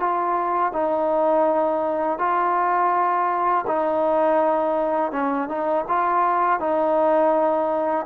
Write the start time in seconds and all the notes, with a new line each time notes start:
0.00 F4
0.73 D#4
2.19 F4
3.67 D#4
5.12 C#4
5.49 D#4
5.88 F4
6.60 D#4